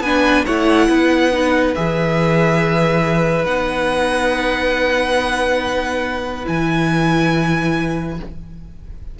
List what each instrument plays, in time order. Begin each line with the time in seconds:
0.00 cello B3, viola D4, violin B4 G#5
0.45 cello A3, viola E4, violin C#5 F#5
0.88 cello B3, violin B4
1.32 viola D#4
1.75 cello E3, viola G#4, violin E5
3.44 cello B3, viola D#4, violin F#5
6.44 cello E3, viola E4, violin G#5